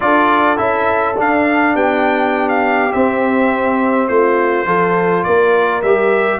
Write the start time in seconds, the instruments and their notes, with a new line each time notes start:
0.00 tuba D4, trombone F4, horn A4, trumpet D5
0.56 tuba C#4, trombone E4, trumpet E5
1.17 trombone D4, tuba D4, trumpet F5
1.75 tuba B3, horn G4, trumpet G5
2.49 trumpet F5
2.92 trombone C4, tuba C4, trumpet E5
4.08 tuba A3, horn F4, trumpet C5
4.65 tuba F3, trombone F4, horn A4
5.23 tuba A#3, horn A#4, trumpet D5
5.81 tuba G3, trombone G4, trumpet E5